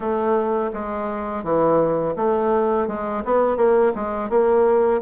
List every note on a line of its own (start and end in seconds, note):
0.00 0.71 A3
0.73 1.43 G#3
1.43 2.14 E3
2.16 2.87 A3
2.87 3.23 G#3
3.24 3.56 B3
3.56 3.92 A#3
3.95 4.29 G#3
4.29 5.01 A#3